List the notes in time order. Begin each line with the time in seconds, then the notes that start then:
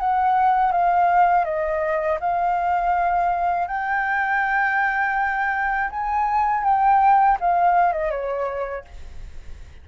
0.00 F#5
0.72 F5
1.45 D#5
2.21 F5
3.68 G5
5.91 G#5
6.64 G5
7.41 F5
7.93 D#5
8.11 C#5